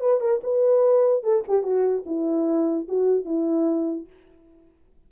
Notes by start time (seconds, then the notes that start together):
0.00 B4
0.21 A#4
0.43 B4
1.23 A4
1.48 G4
1.63 F#4
2.06 E4
2.88 F#4
3.25 E4